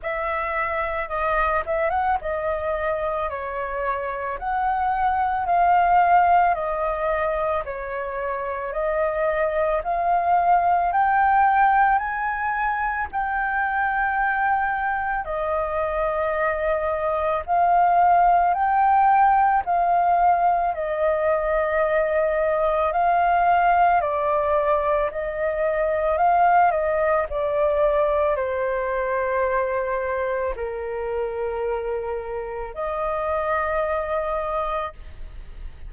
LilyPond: \new Staff \with { instrumentName = "flute" } { \time 4/4 \tempo 4 = 55 e''4 dis''8 e''16 fis''16 dis''4 cis''4 | fis''4 f''4 dis''4 cis''4 | dis''4 f''4 g''4 gis''4 | g''2 dis''2 |
f''4 g''4 f''4 dis''4~ | dis''4 f''4 d''4 dis''4 | f''8 dis''8 d''4 c''2 | ais'2 dis''2 | }